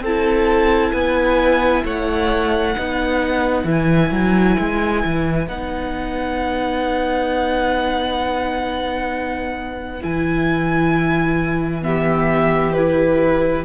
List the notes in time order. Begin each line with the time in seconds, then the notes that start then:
0.00 C4 E4 A4 A5
0.92 B3 B4 G#5
1.84 A3 C#5 F#5
2.74 B3 D#4 B4
3.64 E3 E4
3.70 G#5
4.11 F#3
4.59 G#3
5.04 E3
5.47 B3 D#4 F#5
10.00 E3 E4 G#5
11.81 B3 G4 E5
12.72 E4 B4